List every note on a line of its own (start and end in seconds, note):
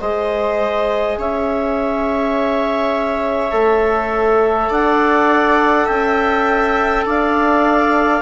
0.00 1.17 G#3
0.00 3.51 G#4
0.00 1.18 C5
0.00 1.18 D#5
1.17 3.52 C#4
1.17 4.69 C#5
1.17 4.72 E5
3.51 4.70 A3
3.51 8.22 A4
4.69 5.87 D4
4.69 5.85 D5
4.69 5.87 F#5
5.85 7.06 C#4
5.85 7.03 E5
5.85 7.04 G5
7.06 8.22 D4
7.06 8.22 D5
7.06 8.22 F5